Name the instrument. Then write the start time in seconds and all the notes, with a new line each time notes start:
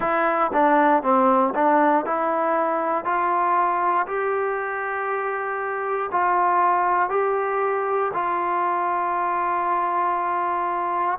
trombone
0.00 E4
0.53 D4
1.02 C4
1.54 D4
2.05 E4
3.04 F4
4.06 G4
6.11 F4
7.09 G4
8.13 F4